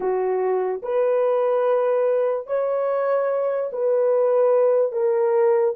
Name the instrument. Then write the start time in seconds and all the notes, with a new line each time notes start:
horn
0.00 F#4
0.82 B4
2.47 C#5
3.72 B4
4.92 A#4